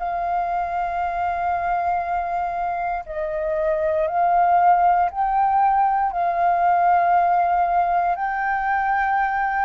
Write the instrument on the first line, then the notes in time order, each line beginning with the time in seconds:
flute
0.00 F5
3.06 D#5
4.08 F5
5.11 G5
6.12 F5
8.16 G5